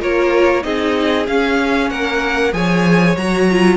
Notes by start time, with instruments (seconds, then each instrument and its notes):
0.00 cello A#3, viola F4, violin A#4 C#5
0.62 cello C4, viola D#4, violin G#4 D#5
1.27 viola C#4, cello C#4, violin F5
1.91 cello A#3, violin A#4 F#5
2.52 cello F3, viola G#4, violin C#5 G#5
3.17 cello F#3, viola F#4, violin A#5
3.51 viola F4